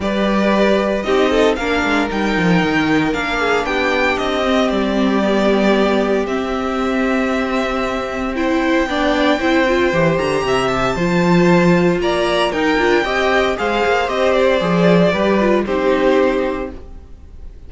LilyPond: <<
  \new Staff \with { instrumentName = "violin" } { \time 4/4 \tempo 4 = 115 d''2 dis''4 f''4 | g''2 f''4 g''4 | dis''4 d''2. | e''1 |
g''2.~ g''8 ais''8~ | ais''8 a''2~ a''8 ais''4 | g''2 f''4 dis''8 d''8~ | d''2 c''2 | }
  \new Staff \with { instrumentName = "violin" } { \time 4/4 b'2 g'8 a'8 ais'4~ | ais'2~ ais'8 gis'8 g'4~ | g'1~ | g'1 |
c''4 d''4 c''2 | e''4 c''2 d''4 | ais'4 dis''4 c''2~ | c''4 b'4 g'2 | }
  \new Staff \with { instrumentName = "viola" } { \time 4/4 g'2 dis'4 d'4 | dis'2 d'2~ | d'8 c'4. b2 | c'1 |
e'4 d'4 e'8 f'8 g'4~ | g'4 f'2. | dis'8 f'8 g'4 gis'4 g'4 | gis'4 g'8 f'8 dis'2 | }
  \new Staff \with { instrumentName = "cello" } { \time 4/4 g2 c'4 ais8 gis8 | g8 f8 dis4 ais4 b4 | c'4 g2. | c'1~ |
c'4 b4 c'4 e8 d8 | c4 f2 ais4 | dis'8 d'8 c'4 gis8 ais8 c'4 | f4 g4 c'2 | }
>>